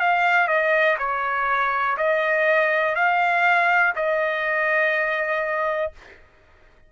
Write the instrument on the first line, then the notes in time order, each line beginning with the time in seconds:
trumpet
0.00 F5
0.48 D#5
0.99 C#5
1.98 D#5
2.95 F5
3.96 D#5